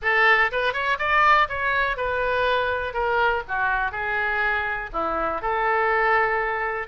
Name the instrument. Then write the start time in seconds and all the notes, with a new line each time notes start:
oboe
0.02 A4
0.51 B4
0.73 C#5
0.99 D5
1.49 C#5
1.96 B4
2.93 A#4
3.48 F#4
3.91 G#4
4.92 E4
5.41 A4